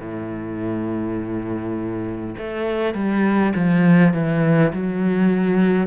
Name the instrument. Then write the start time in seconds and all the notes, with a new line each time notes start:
cello
0.00 A2
2.37 A3
2.94 G3
3.55 F3
4.13 E3
4.73 F#3